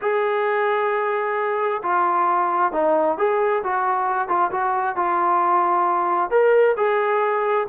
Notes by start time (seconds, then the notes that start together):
0.01 G#4
1.83 F4
2.72 D#4
3.17 G#4
3.63 F#4
4.28 F4
4.51 F#4
4.96 F4
6.30 A#4
6.76 G#4